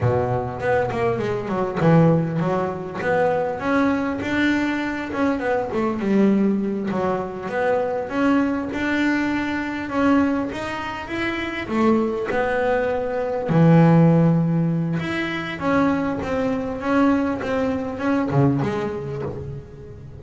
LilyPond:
\new Staff \with { instrumentName = "double bass" } { \time 4/4 \tempo 4 = 100 b,4 b8 ais8 gis8 fis8 e4 | fis4 b4 cis'4 d'4~ | d'8 cis'8 b8 a8 g4. fis8~ | fis8 b4 cis'4 d'4.~ |
d'8 cis'4 dis'4 e'4 a8~ | a8 b2 e4.~ | e4 e'4 cis'4 c'4 | cis'4 c'4 cis'8 cis8 gis4 | }